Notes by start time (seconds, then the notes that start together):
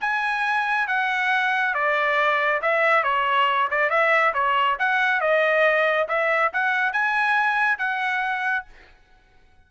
0.00 G#5
0.87 F#5
1.74 D5
2.62 E5
3.03 C#5
3.70 D5
3.89 E5
4.33 C#5
4.79 F#5
5.21 D#5
6.08 E5
6.53 F#5
6.92 G#5
7.78 F#5